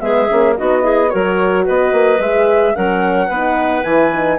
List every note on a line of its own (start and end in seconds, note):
0.00 0.28 G#3
0.00 0.28 B3
0.00 0.56 G#4
0.00 0.55 E5
0.29 0.59 A#3
0.29 0.56 C#4
0.56 1.14 B3
0.56 0.81 D#4
0.56 0.83 F#4
0.56 1.09 D#5
0.81 1.08 E4
0.81 1.10 G#4
1.09 1.68 F#3
1.09 2.19 F#4
1.09 1.65 A#4
1.09 1.64 C#5
1.65 1.92 B3
1.65 2.74 B4
1.65 2.21 D#5
1.92 2.19 A#3
2.19 2.74 G#3
2.19 2.75 G#4
2.19 2.75 E5
2.75 3.29 F#3
2.75 3.29 C#4
2.75 3.27 A#4
2.75 3.83 F#5
3.27 3.83 B3
3.27 4.36 B4
3.33 3.84 D#4
3.83 4.38 E3
3.83 4.11 E4
3.83 4.38 G#5
4.14 4.38 D#4